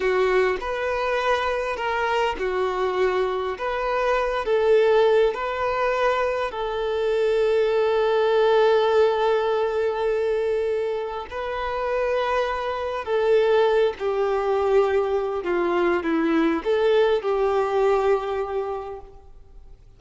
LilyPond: \new Staff \with { instrumentName = "violin" } { \time 4/4 \tempo 4 = 101 fis'4 b'2 ais'4 | fis'2 b'4. a'8~ | a'4 b'2 a'4~ | a'1~ |
a'2. b'4~ | b'2 a'4. g'8~ | g'2 f'4 e'4 | a'4 g'2. | }